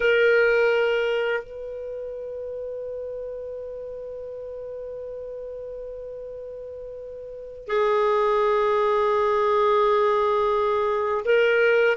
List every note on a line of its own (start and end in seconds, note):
0.00 1.43 A#4
1.43 7.67 B4
7.67 11.24 G#4
11.24 11.96 A#4